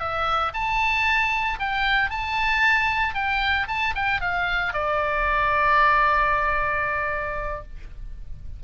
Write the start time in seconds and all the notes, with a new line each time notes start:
0.00 E5
0.54 A5
1.60 G5
2.10 A5
3.15 G5
3.68 A5
3.95 G5
4.21 F5
4.73 D5